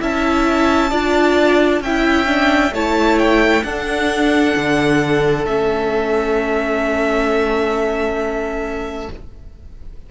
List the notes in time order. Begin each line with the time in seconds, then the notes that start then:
0.00 C#4 E4 E5 A5
0.90 D4 F4 D5
1.80 C#4 E4 E5 G5
2.26 D4
2.72 A3 E4 C#5 A5
3.19 G5
3.63 D4 A4 F#5
4.57 D3
5.45 A3 C#4 E5